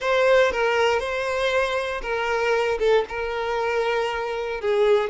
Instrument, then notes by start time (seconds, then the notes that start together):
violin
0.00 C5
0.51 A#4
0.99 C5
2.02 A#4
2.79 A4
3.08 A#4
4.60 G#4